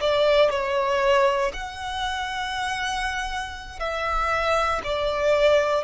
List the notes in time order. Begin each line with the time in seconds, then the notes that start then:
0.00 D5
0.50 C#5
1.53 F#5
3.79 E5
4.84 D5